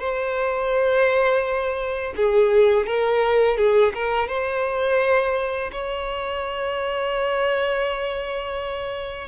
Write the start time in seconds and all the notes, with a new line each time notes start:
0.00 C5
2.17 G#4
2.87 A#4
3.57 G#4
3.95 A#4
4.29 C5
5.72 C#5